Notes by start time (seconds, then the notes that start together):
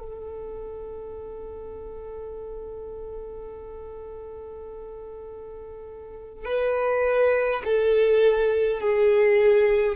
0.00 A4
6.45 B4
7.65 A4
8.81 G#4